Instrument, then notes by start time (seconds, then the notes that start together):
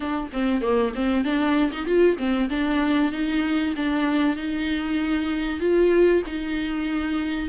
viola
0.00 D4
0.32 C4
0.61 A#3
0.95 C4
1.24 D4
1.72 D#4
1.86 F4
2.18 C4
2.49 D4
3.12 D#4
3.76 D4
4.36 D#4
5.60 F4
6.26 D#4